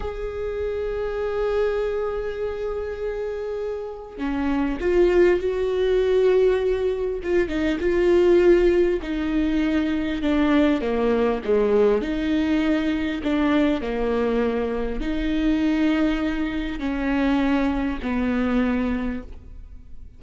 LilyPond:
\new Staff \with { instrumentName = "viola" } { \time 4/4 \tempo 4 = 100 gis'1~ | gis'2. cis'4 | f'4 fis'2. | f'8 dis'8 f'2 dis'4~ |
dis'4 d'4 ais4 gis4 | dis'2 d'4 ais4~ | ais4 dis'2. | cis'2 b2 | }